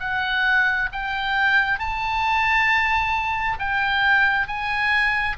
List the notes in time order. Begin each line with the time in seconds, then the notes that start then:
0.00 F#5
0.92 G5
1.79 A5
3.59 G5
4.47 G#5